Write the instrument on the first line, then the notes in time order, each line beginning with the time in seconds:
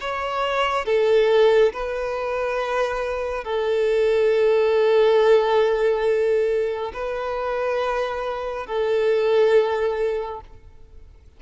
violin
0.00 C#5
0.85 A4
1.73 B4
3.44 A4
6.93 B4
8.66 A4